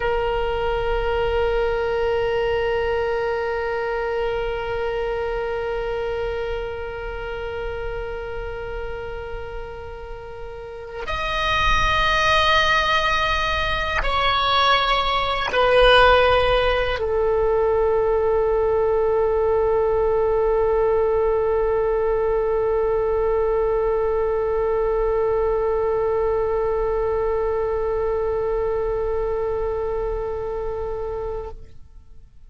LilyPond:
\new Staff \with { instrumentName = "oboe" } { \time 4/4 \tempo 4 = 61 ais'1~ | ais'1~ | ais'2.~ ais'16 dis''8.~ | dis''2~ dis''16 cis''4. b'16~ |
b'4~ b'16 a'2~ a'8.~ | a'1~ | a'1~ | a'1 | }